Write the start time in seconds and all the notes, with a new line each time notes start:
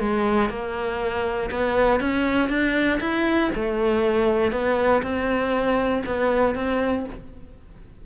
0.00 G#3
0.50 A#3
1.51 B3
2.01 C#4
2.50 D4
3.00 E4
3.55 A3
4.52 B3
5.03 C4
6.06 B3
6.55 C4